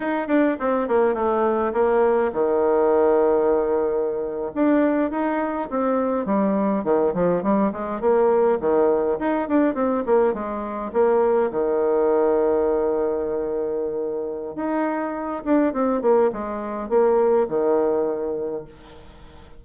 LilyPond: \new Staff \with { instrumentName = "bassoon" } { \time 4/4 \tempo 4 = 103 dis'8 d'8 c'8 ais8 a4 ais4 | dis2.~ dis8. d'16~ | d'8. dis'4 c'4 g4 dis16~ | dis16 f8 g8 gis8 ais4 dis4 dis'16~ |
dis'16 d'8 c'8 ais8 gis4 ais4 dis16~ | dis1~ | dis4 dis'4. d'8 c'8 ais8 | gis4 ais4 dis2 | }